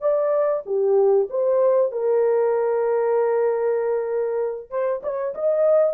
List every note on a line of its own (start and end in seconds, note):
0.00 0.62 D5
0.65 1.28 G4
1.29 1.91 C5
1.91 4.70 A#4
4.70 5.01 C5
5.03 5.34 C#5
5.34 5.93 D#5